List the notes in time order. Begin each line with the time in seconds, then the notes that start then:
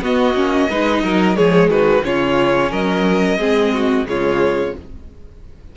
0.00 B3 F#4 D#5
0.34 A#3 C#4
0.69 G#3 D#4 B4
1.03 F#3 A#4
1.35 F3 G#3 G#4 C#5
1.68 D#3 F#4 B4
2.03 C#3 C#4 F4 C#5
2.71 F#3 A#4 D#5
3.37 G#3 C4 G#4
3.73 F#4
4.04 C#3 G#3 F4 C#5